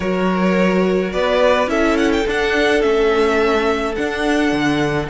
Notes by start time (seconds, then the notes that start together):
0.00 F#3 F#4 A#4 C#5
1.12 B3 B4 D5
1.66 C#4 E4 A4 E5
1.97 F#5
2.12 G5
2.27 D4 F#5
2.81 A3 C#4 E5
3.95 D4 F#5
4.51 D3